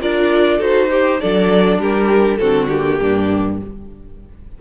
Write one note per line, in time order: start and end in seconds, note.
0.00 0.59 D4
0.00 0.60 F4
0.00 0.57 A#4
0.00 0.61 D5
0.57 1.20 D#4
0.57 0.90 F#4
0.57 0.87 A4
0.57 1.20 C5
0.90 1.20 G4
1.20 1.78 F#3
1.20 2.40 D4
1.20 1.80 A4
1.20 1.80 D5
1.78 2.38 G3
1.78 2.40 G4
1.78 2.36 A#4
2.36 3.01 D3
2.36 2.70 C4
2.36 3.00 F#4
2.36 2.66 A4
2.68 3.61 A#3
2.68 3.58 G4
3.01 3.61 G2
3.01 3.61 D4